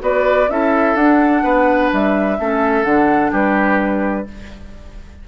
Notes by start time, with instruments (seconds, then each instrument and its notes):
0.00 bassoon B3, clarinet F#4, oboe B4, flute D5
0.49 bassoon C#4, clarinet E4, oboe A4, flute E5
0.95 bassoon D4, clarinet D4, flute F#5
1.44 bassoon B3, oboe B4
1.93 bassoon G3, flute E5
2.39 bassoon A3, clarinet C#4, oboe A4
2.84 bassoon D3, clarinet D4, flute F#5
3.32 bassoon G3, oboe G4, flute B4